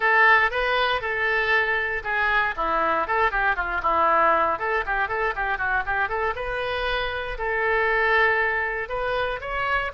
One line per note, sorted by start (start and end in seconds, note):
0.00 0.50 A4
0.50 1.01 B4
1.01 2.02 A4
2.03 2.54 G#4
2.56 3.07 E4
3.07 3.31 A4
3.31 3.55 G4
3.55 3.81 F4
3.82 4.58 E4
4.59 4.84 A4
4.86 5.08 G4
5.08 5.34 A4
5.35 5.57 G4
5.57 5.83 F#4
5.86 6.08 G4
6.08 6.34 A4
6.35 7.37 B4
7.38 8.88 A4
8.88 9.39 B4
9.40 9.91 C#5